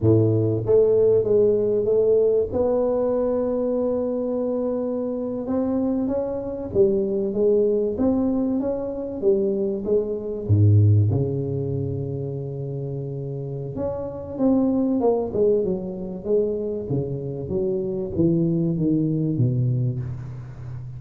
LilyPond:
\new Staff \with { instrumentName = "tuba" } { \time 4/4 \tempo 4 = 96 a,4 a4 gis4 a4 | b1~ | b8. c'4 cis'4 g4 gis16~ | gis8. c'4 cis'4 g4 gis16~ |
gis8. gis,4 cis2~ cis16~ | cis2 cis'4 c'4 | ais8 gis8 fis4 gis4 cis4 | fis4 e4 dis4 b,4 | }